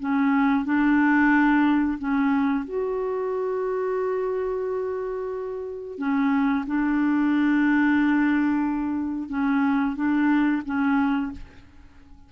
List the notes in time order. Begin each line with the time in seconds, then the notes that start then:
0.00 C#4
0.65 D4
1.99 C#4
2.65 F#4
5.98 C#4
6.67 D4
9.29 C#4
9.96 D4
10.65 C#4